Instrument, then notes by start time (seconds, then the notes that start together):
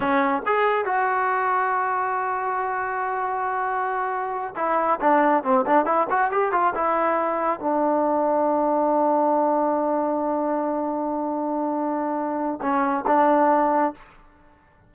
trombone
0.00 C#4
0.46 G#4
0.85 F#4
4.56 E4
5.00 D4
5.43 C4
5.66 D4
5.85 E4
6.10 F#4
6.31 G4
6.52 F4
6.75 E4
7.60 D4
12.61 C#4
13.07 D4